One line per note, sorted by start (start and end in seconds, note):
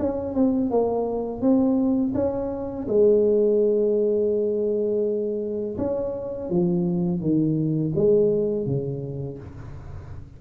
0.00 0.35 C#4
0.35 0.71 C4
0.71 1.42 A#3
1.42 2.14 C4
2.15 2.87 C#4
2.88 5.77 G#3
5.78 6.50 C#4
6.50 7.21 F3
7.21 7.93 D#3
7.96 8.67 G#3
8.67 9.39 C#3